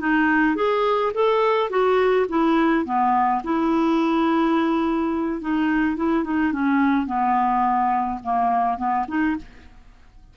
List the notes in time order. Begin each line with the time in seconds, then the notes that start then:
0.00 D#4
0.56 G#4
1.14 A4
1.70 F#4
2.29 E4
2.85 B3
3.43 E4
5.41 D#4
5.97 E4
6.24 D#4
6.52 C#4
7.07 B3
8.23 A#3
8.78 B3
9.08 D#4